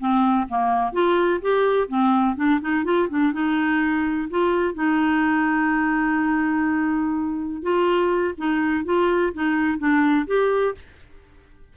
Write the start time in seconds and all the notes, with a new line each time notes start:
0.00 C4
0.49 A#3
0.93 F4
1.42 G4
1.89 C4
2.37 D4
2.61 D#4
2.85 F4
3.10 D4
3.33 D#4
4.30 F4
4.75 D#4
7.63 F4
8.38 D#4
8.85 F4
9.34 D#4
9.79 D4
10.27 G4